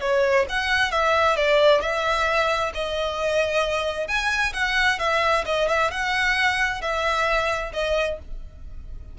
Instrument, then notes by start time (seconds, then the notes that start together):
violin
0.00 C#5
0.48 F#5
0.91 E5
1.36 D5
1.81 E5
2.74 D#5
4.07 G#5
4.53 F#5
4.99 E5
5.45 D#5
5.68 E5
5.90 F#5
6.81 E5
7.73 D#5